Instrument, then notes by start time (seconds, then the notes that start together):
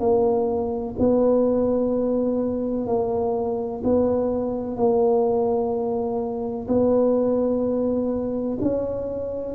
tuba
0.00 A#3
1.00 B3
2.87 A#3
3.84 B3
4.77 A#3
6.68 B3
8.62 C#4